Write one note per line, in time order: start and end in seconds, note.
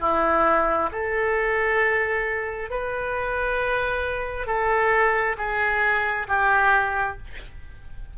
0.00 0.90 E4
0.92 2.70 A4
2.70 4.47 B4
4.47 5.36 A4
5.37 6.27 G#4
6.27 7.17 G4